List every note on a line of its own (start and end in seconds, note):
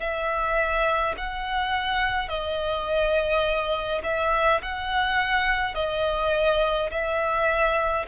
0.00 1.15 E5
1.17 2.29 F#5
2.29 4.02 D#5
4.04 4.62 E5
4.63 5.75 F#5
5.75 6.90 D#5
6.91 8.06 E5